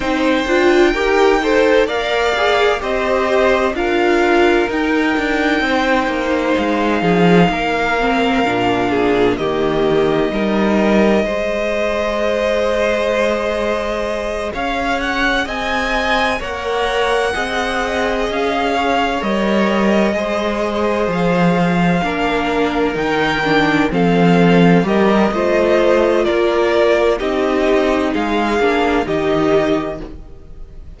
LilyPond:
<<
  \new Staff \with { instrumentName = "violin" } { \time 4/4 \tempo 4 = 64 g''2 f''4 dis''4 | f''4 g''2 f''4~ | f''2 dis''2~ | dis''2.~ dis''8 f''8 |
fis''8 gis''4 fis''2 f''8~ | f''8 dis''2 f''4.~ | f''8 g''4 f''4 dis''4. | d''4 dis''4 f''4 dis''4 | }
  \new Staff \with { instrumentName = "violin" } { \time 4/4 c''4 ais'8 c''8 d''4 c''4 | ais'2 c''4. gis'8 | ais'4. gis'8 g'4 ais'4 | c''2.~ c''8 cis''8~ |
cis''8 dis''4 cis''4 dis''4. | cis''4. c''2 ais'8~ | ais'4. a'4 ais'8 c''4 | ais'4 g'4 gis'4 g'4 | }
  \new Staff \with { instrumentName = "viola" } { \time 4/4 dis'8 f'8 g'8 a'8 ais'8 gis'8 g'4 | f'4 dis'2.~ | dis'8 c'8 d'4 ais4 dis'4 | gis'1~ |
gis'4. ais'4 gis'4.~ | gis'8 ais'4 gis'2 d'8~ | d'8 dis'8 d'8 c'4 g'8 f'4~ | f'4 dis'4. d'8 dis'4 | }
  \new Staff \with { instrumentName = "cello" } { \time 4/4 c'8 d'8 dis'4 ais4 c'4 | d'4 dis'8 d'8 c'8 ais8 gis8 f8 | ais4 ais,4 dis4 g4 | gis2.~ gis8 cis'8~ |
cis'8 c'4 ais4 c'4 cis'8~ | cis'8 g4 gis4 f4 ais8~ | ais8 dis4 f4 g8 a4 | ais4 c'4 gis8 ais8 dis4 | }
>>